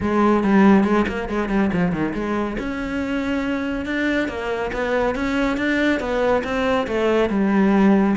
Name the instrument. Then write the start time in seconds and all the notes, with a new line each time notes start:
cello
0.01 G#3
0.43 G3
0.84 G#3
1.08 A#3
1.29 G#3
1.49 G3
1.72 F3
1.91 D#3
2.14 G#3
2.58 C#4
3.85 D4
4.28 A#3
4.72 B3
5.15 C#4
5.57 D4
5.99 B3
6.44 C4
6.87 A3
7.29 G3